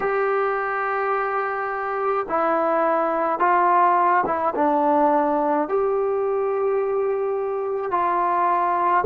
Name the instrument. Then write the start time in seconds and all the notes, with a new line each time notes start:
trombone
0.00 G4
2.28 E4
3.39 F4
4.26 E4
4.55 D4
5.68 G4
7.91 F4